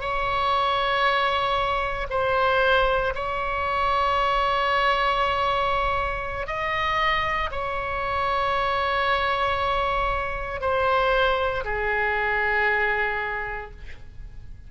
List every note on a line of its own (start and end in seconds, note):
0.00 2.07 C#5
2.10 3.13 C5
3.15 6.47 C#5
6.47 7.50 D#5
7.51 10.60 C#5
10.60 11.64 C5
11.64 13.71 G#4